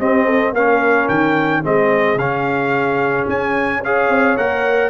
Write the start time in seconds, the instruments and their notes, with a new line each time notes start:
0.00 tuba C4, trombone C4, horn G4, trumpet D#5
0.25 horn A4
0.52 tuba A#3, trombone C#4, horn A#4, trumpet F5
1.09 tuba D#3, trumpet G5
1.64 tuba G#3, trombone C4, horn G#4, trumpet D#5
2.15 tuba C#3, trombone C#4, trumpet F5
3.28 tuba C#4, trumpet G#5
3.81 trombone G#4, horn C#5, trumpet F5
4.09 tuba C4
4.37 tuba A#3, trombone A#4, trumpet F#5